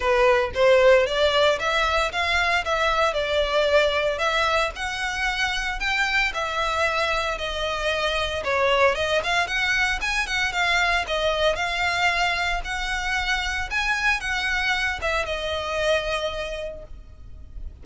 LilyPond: \new Staff \with { instrumentName = "violin" } { \time 4/4 \tempo 4 = 114 b'4 c''4 d''4 e''4 | f''4 e''4 d''2 | e''4 fis''2 g''4 | e''2 dis''2 |
cis''4 dis''8 f''8 fis''4 gis''8 fis''8 | f''4 dis''4 f''2 | fis''2 gis''4 fis''4~ | fis''8 e''8 dis''2. | }